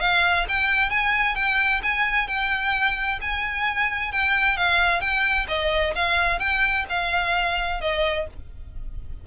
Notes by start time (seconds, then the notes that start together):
0.00 F5
0.48 G5
0.90 G#5
1.35 G5
1.83 G#5
2.28 G5
3.21 G#5
4.12 G5
4.57 F5
5.00 G5
5.48 D#5
5.95 F5
6.39 G5
6.89 F5
7.80 D#5